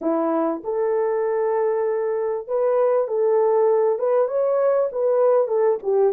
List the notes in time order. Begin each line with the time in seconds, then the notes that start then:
0.01 E4
0.64 A4
2.47 B4
3.07 A4
3.98 B4
4.27 C#5
4.92 B4
5.47 A4
5.82 G4